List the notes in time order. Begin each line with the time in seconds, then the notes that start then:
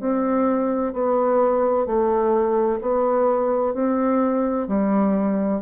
0.00 C4
0.93 B3
1.86 A3
2.81 B3
3.74 C4
4.68 G3